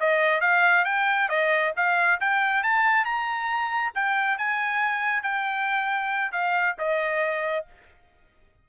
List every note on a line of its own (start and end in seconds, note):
0.00 0.41 D#5
0.41 0.85 F5
0.85 1.29 G5
1.29 1.73 D#5
1.76 2.20 F5
2.21 2.63 G5
2.63 3.05 A5
3.05 3.92 A#5
3.95 4.38 G5
4.38 5.23 G#5
5.23 6.32 G5
6.32 6.76 F5
6.78 7.66 D#5